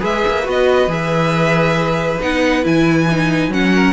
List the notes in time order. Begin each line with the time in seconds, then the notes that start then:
0.00 G#3 G#4 B4 E5
0.27 A#3
0.44 B3 F#4 D#5
0.87 E3 G#4 E5
2.21 B3 D#4 F#5
2.63 E3 E4 G#5
3.11 D#4
3.48 F#3 C#4 F#5
3.74 A#4